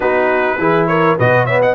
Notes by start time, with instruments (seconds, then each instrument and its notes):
0.00 tuba B3, trombone D#4, horn F#4, trumpet B4
0.57 tuba E3, trombone E4, horn G#4
0.87 horn A#4, trumpet C#5
1.17 tuba B2, trombone F#4, horn B4, trumpet D#5
1.45 trombone B3, horn C#5, trumpet E5
1.61 horn D#5, trumpet F#5